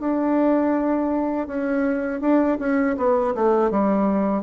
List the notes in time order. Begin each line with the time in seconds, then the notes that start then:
0.00 D4
1.47 C#4
2.21 D4
2.59 C#4
2.97 B3
3.35 A3
3.71 G3